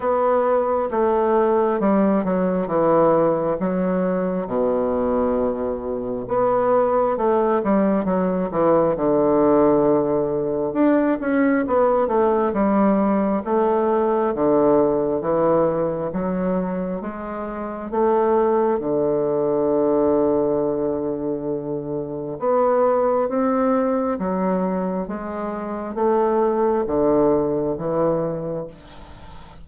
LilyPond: \new Staff \with { instrumentName = "bassoon" } { \time 4/4 \tempo 4 = 67 b4 a4 g8 fis8 e4 | fis4 b,2 b4 | a8 g8 fis8 e8 d2 | d'8 cis'8 b8 a8 g4 a4 |
d4 e4 fis4 gis4 | a4 d2.~ | d4 b4 c'4 fis4 | gis4 a4 d4 e4 | }